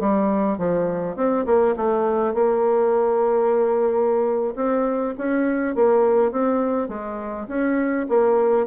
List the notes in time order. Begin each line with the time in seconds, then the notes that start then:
0.00 G3
0.58 F3
1.16 C4
1.46 A#3
1.76 A3
2.34 A#3
4.55 C4
5.18 C#4
5.75 A#3
6.32 C4
6.88 G#3
7.48 C#4
8.09 A#3